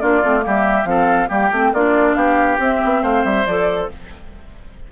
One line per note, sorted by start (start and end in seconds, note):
0.00 0.23 A#3
0.00 0.22 D4
0.00 0.45 F4
0.00 0.43 D5
0.23 0.45 A3
0.23 0.40 C4
0.40 0.84 G3
0.40 0.83 A#3
0.40 0.88 G4
0.47 0.86 E5
0.84 1.27 F3
0.84 1.28 C4
0.84 1.28 A4
0.84 1.29 F5
1.28 1.51 G3
1.28 1.49 A#3
1.28 1.72 G4
1.34 1.74 G5
1.51 1.73 A3
1.51 1.74 C4
1.73 2.15 A#3
1.73 2.59 D4
1.73 2.16 F4
1.73 2.14 D5
2.14 2.58 B3
2.14 3.02 G4
2.14 2.57 F5
2.59 3.45 C4
2.59 2.81 C4
2.59 3.04 E5
2.85 3.02 B3
3.02 3.24 A3
3.02 3.88 C5
3.02 3.24 F5
3.24 3.46 G3
3.24 3.46 E5
3.46 3.89 F3
3.46 3.92 A4
3.46 3.89 D5